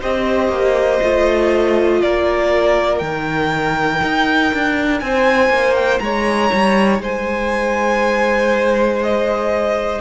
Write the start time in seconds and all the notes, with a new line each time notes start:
0.00 C4 G4 C5 D#5
0.49 A#3
1.01 A3 F4
2.01 A#3 A#4 D5
2.98 D#3 D#4 G5
4.02 D#4
4.54 D4
4.99 C4 C5 G#5
5.49 A#3
5.75 G5
5.99 G#3 C#5 A#5
6.52 G3
6.99 G#3 C5 G#5
9.03 D#5